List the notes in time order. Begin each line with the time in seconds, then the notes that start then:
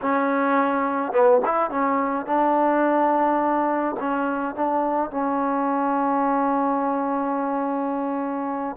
0.01 C#4
1.12 B3
1.45 E4
1.70 C#4
2.26 D4
3.99 C#4
4.55 D4
5.10 C#4